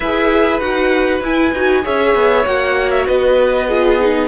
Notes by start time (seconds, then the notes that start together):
0.00 E4 G#4 B4 E5
0.59 D#4 F#4 F#5
1.21 E4 G#5
1.53 D#4 F#4
1.82 C#4 G#4 C#5 E5
2.14 B3
2.44 A#3 F#4 F#5
2.90 E5
3.06 B3 B4 D#5
3.67 F4 G#4
4.00 D#4